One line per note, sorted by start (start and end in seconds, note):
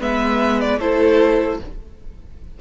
0.00 0.80 G#3
0.00 0.80 B3
0.00 0.79 B4
0.00 0.61 E5
0.61 0.80 D5
0.79 1.60 A3
0.79 1.61 E4
0.79 1.59 A4
0.79 1.60 C5